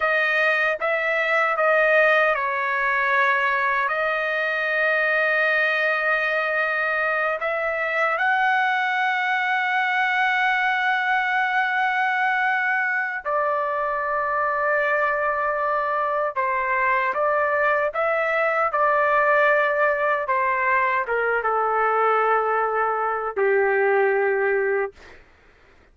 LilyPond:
\new Staff \with { instrumentName = "trumpet" } { \time 4/4 \tempo 4 = 77 dis''4 e''4 dis''4 cis''4~ | cis''4 dis''2.~ | dis''4. e''4 fis''4.~ | fis''1~ |
fis''4 d''2.~ | d''4 c''4 d''4 e''4 | d''2 c''4 ais'8 a'8~ | a'2 g'2 | }